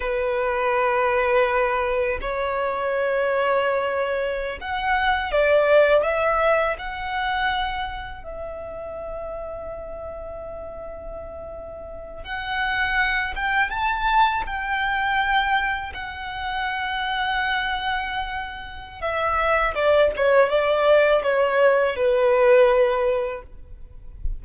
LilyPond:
\new Staff \with { instrumentName = "violin" } { \time 4/4 \tempo 4 = 82 b'2. cis''4~ | cis''2~ cis''16 fis''4 d''8.~ | d''16 e''4 fis''2 e''8.~ | e''1~ |
e''8. fis''4. g''8 a''4 g''16~ | g''4.~ g''16 fis''2~ fis''16~ | fis''2 e''4 d''8 cis''8 | d''4 cis''4 b'2 | }